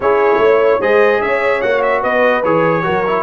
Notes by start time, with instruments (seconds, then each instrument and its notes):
0.00 tuba C#4, trombone E4, horn G#4, trumpet C#5
0.38 tuba A3, horn C#5
0.80 tuba G#3, trombone G#4, horn C5, trumpet D#5
1.21 tuba C#4, horn C#5, trumpet E5
1.61 tuba A#3, trombone F#4, trumpet F#5
1.82 trumpet E5
2.01 tuba B3, horn B4, trumpet D#5
2.44 tuba E3, trombone G#4, trumpet C#5
2.83 tuba F#3, trombone F#4, horn A#4
3.07 trombone E4